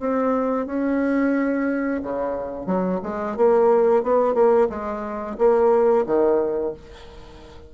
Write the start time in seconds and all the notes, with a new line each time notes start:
0.00 C4
0.66 C#4
2.03 C#3
2.66 F#3
3.03 G#3
3.36 A#3
4.03 B3
4.34 A#3
4.69 G#3
5.38 A#3
6.06 D#3